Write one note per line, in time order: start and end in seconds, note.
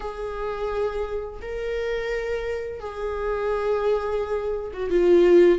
0.00 1.40 G#4
1.41 2.79 A#4
2.79 4.71 G#4
4.73 4.90 F#4
4.90 5.58 F4